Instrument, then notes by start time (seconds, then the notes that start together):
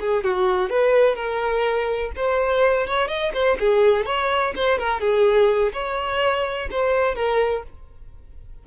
violin
0.00 G#4
0.24 F#4
0.69 B4
1.16 A#4
2.16 C5
2.87 C#5
3.08 D#5
3.34 C5
3.60 G#4
4.05 C#5
4.56 C5
4.78 A#4
5.01 G#4
5.73 C#5
6.71 C5
7.15 A#4